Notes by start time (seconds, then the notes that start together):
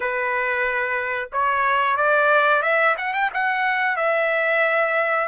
0.00 B4
1.32 C#5
1.97 D5
2.62 E5
2.97 F#5
3.13 G5
3.33 F#5
3.96 E5